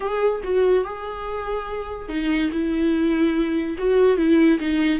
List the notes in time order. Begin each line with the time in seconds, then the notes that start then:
0.00 G#4
0.43 F#4
0.84 G#4
2.09 D#4
2.52 E4
3.78 F#4
4.17 E4
4.59 D#4